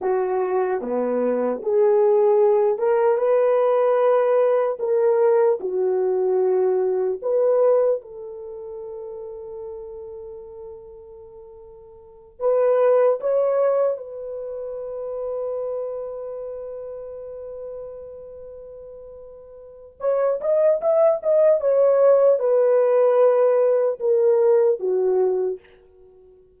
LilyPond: \new Staff \with { instrumentName = "horn" } { \time 4/4 \tempo 4 = 75 fis'4 b4 gis'4. ais'8 | b'2 ais'4 fis'4~ | fis'4 b'4 a'2~ | a'2.~ a'8 b'8~ |
b'8 cis''4 b'2~ b'8~ | b'1~ | b'4 cis''8 dis''8 e''8 dis''8 cis''4 | b'2 ais'4 fis'4 | }